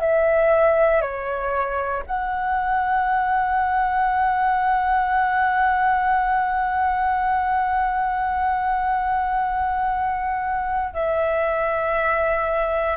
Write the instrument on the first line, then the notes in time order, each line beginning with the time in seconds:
flute
0.00 E5
1.01 C#5
2.06 F#5
10.94 E5